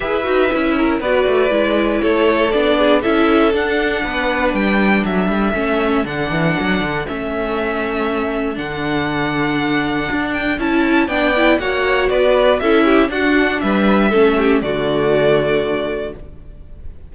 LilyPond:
<<
  \new Staff \with { instrumentName = "violin" } { \time 4/4 \tempo 4 = 119 e''2 d''2 | cis''4 d''4 e''4 fis''4~ | fis''4 g''4 e''2 | fis''2 e''2~ |
e''4 fis''2.~ | fis''8 g''8 a''4 g''4 fis''4 | d''4 e''4 fis''4 e''4~ | e''4 d''2. | }
  \new Staff \with { instrumentName = "violin" } { \time 4/4 b'4. ais'8 b'2 | a'4. gis'8 a'2 | b'2 a'2~ | a'1~ |
a'1~ | a'2 d''4 cis''4 | b'4 a'8 g'8 fis'4 b'4 | a'8 g'8 fis'2. | }
  \new Staff \with { instrumentName = "viola" } { \time 4/4 gis'8 fis'8 e'4 fis'4 e'4~ | e'4 d'4 e'4 d'4~ | d'2. cis'4 | d'2 cis'2~ |
cis'4 d'2.~ | d'4 e'4 d'8 e'8 fis'4~ | fis'4 e'4 d'2 | cis'4 a2. | }
  \new Staff \with { instrumentName = "cello" } { \time 4/4 e'8 dis'8 cis'4 b8 a8 gis4 | a4 b4 cis'4 d'4 | b4 g4 fis8 g8 a4 | d8 e8 fis8 d8 a2~ |
a4 d2. | d'4 cis'4 b4 ais4 | b4 cis'4 d'4 g4 | a4 d2. | }
>>